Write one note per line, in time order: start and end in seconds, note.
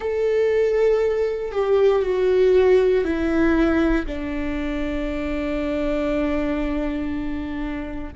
0.00 1.51 A4
1.51 2.02 G4
2.02 3.04 F#4
3.04 4.06 E4
4.06 8.13 D4